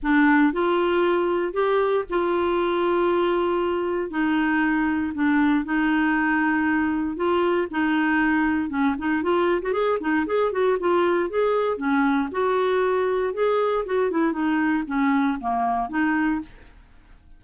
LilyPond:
\new Staff \with { instrumentName = "clarinet" } { \time 4/4 \tempo 4 = 117 d'4 f'2 g'4 | f'1 | dis'2 d'4 dis'4~ | dis'2 f'4 dis'4~ |
dis'4 cis'8 dis'8 f'8. fis'16 gis'8 dis'8 | gis'8 fis'8 f'4 gis'4 cis'4 | fis'2 gis'4 fis'8 e'8 | dis'4 cis'4 ais4 dis'4 | }